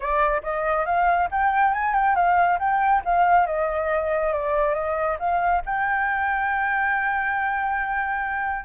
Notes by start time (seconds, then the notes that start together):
0.00 D5
0.42 D#5
0.85 F5
1.31 G5
1.73 G#5
1.94 G5
2.15 F5
2.59 G5
3.05 F5
3.46 D#5
4.32 D5
4.74 D#5
5.19 F5
5.65 G5